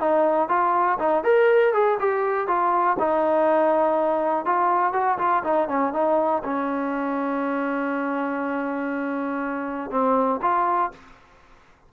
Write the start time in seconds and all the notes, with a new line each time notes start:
0.00 D#4
0.49 F4
0.99 D#4
1.24 A#4
1.73 G#4
1.99 G4
2.47 F4
2.99 D#4
4.46 F4
4.93 F#4
5.18 F4
5.44 D#4
5.68 C#4
5.93 D#4
6.44 C#4
9.91 C4
10.42 F4